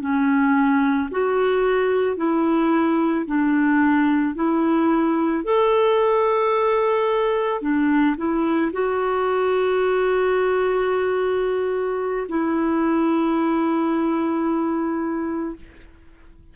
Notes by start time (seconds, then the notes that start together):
0.00 C#4
1.11 F#4
2.16 E4
3.26 D4
4.35 E4
5.44 A4
7.61 D4
8.17 E4
8.72 F#4
12.28 E4